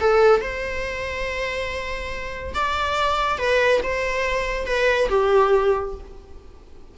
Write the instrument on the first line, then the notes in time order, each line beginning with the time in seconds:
viola
0.00 A4
0.41 C5
2.54 D5
3.38 B4
3.83 C5
4.66 B4
5.09 G4